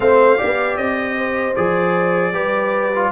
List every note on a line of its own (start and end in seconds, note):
0.00 0.39 A3
0.00 0.37 C4
0.00 0.37 C5
0.00 0.76 F5
0.37 1.54 G4
0.37 1.15 D5
0.43 0.76 B3
0.76 1.54 C4
0.76 1.54 D#5
1.17 2.33 C5
1.55 2.32 F3
1.55 2.33 G#4
1.55 3.11 D5
2.32 3.10 G3
2.32 2.91 G4
2.32 3.11 B4
2.95 3.11 F4